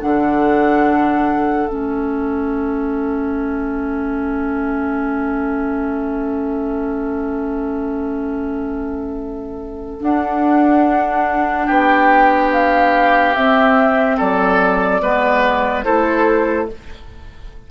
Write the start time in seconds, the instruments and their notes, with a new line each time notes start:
0.00 bassoon D3, clarinet D4, oboe A4, flute F#5
1.67 bassoon A3, clarinet C#4, flute E5
10.00 clarinet D4, bassoon D4, flute F#5
11.66 bassoon B3, oboe G4, flute G5
12.52 flute F5
13.35 bassoon C4, clarinet C4, flute E5
14.18 bassoon F#3, oboe A4, flute D5
15.01 bassoon G#3, clarinet B3, oboe B4
15.84 bassoon A3, clarinet E4, oboe A4, flute C5